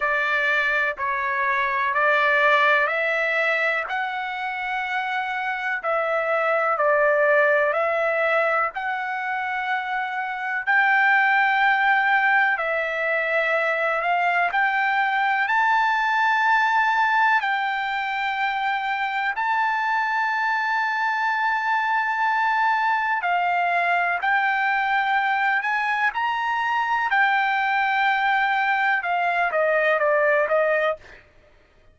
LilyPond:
\new Staff \with { instrumentName = "trumpet" } { \time 4/4 \tempo 4 = 62 d''4 cis''4 d''4 e''4 | fis''2 e''4 d''4 | e''4 fis''2 g''4~ | g''4 e''4. f''8 g''4 |
a''2 g''2 | a''1 | f''4 g''4. gis''8 ais''4 | g''2 f''8 dis''8 d''8 dis''8 | }